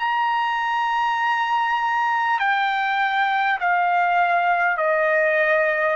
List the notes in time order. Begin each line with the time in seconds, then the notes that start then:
0.00 A#5
2.39 G5
3.61 F5
4.78 D#5